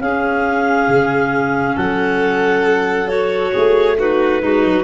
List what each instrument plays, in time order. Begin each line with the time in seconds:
0.00 tuba C#4, clarinet C#4 F5, violin G#4
0.88 tuba C#3
1.76 tuba F#3, violin A4, clarinet F#5
3.08 clarinet F#4 C#5
3.53 tuba A3, violin G#4
3.98 clarinet D#4 B4, violin F#4
4.42 tuba G#3, violin D#4, clarinet F#4
4.64 tuba F#3